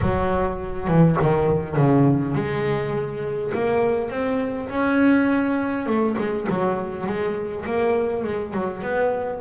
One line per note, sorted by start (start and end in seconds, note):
0.01 0.87 F#3
0.87 1.17 E3
1.21 1.76 D#3
1.76 2.34 C#3
2.34 3.52 G#3
3.53 4.09 A#3
4.09 4.68 C4
4.69 5.86 C#4
5.86 6.16 A3
6.17 6.47 G#3
6.49 7.06 F#3
7.06 7.65 G#3
7.66 8.24 A#3
8.24 8.53 G#3
8.53 8.82 F#3
8.82 9.40 B3